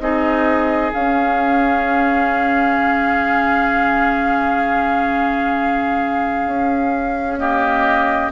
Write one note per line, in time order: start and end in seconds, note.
0.00 0.92 C4
0.00 0.92 D#4
0.00 7.40 G#4
0.00 0.92 D#5
0.94 2.78 C#4
0.94 7.39 C#4
0.94 7.39 F5
2.78 6.47 C#3
6.47 8.31 C#4
7.39 8.31 A#3
7.39 8.32 G4
7.39 8.31 D#5